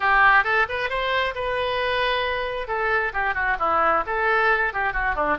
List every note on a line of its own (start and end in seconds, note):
0.00 0.44 G4
0.44 0.66 A4
0.69 0.89 B4
0.89 1.34 C5
1.34 2.67 B4
2.67 3.12 A4
3.13 3.34 G4
3.34 3.57 F#4
3.59 4.04 E4
4.06 4.73 A4
4.73 4.93 G4
4.93 5.15 F#4
5.15 5.37 D4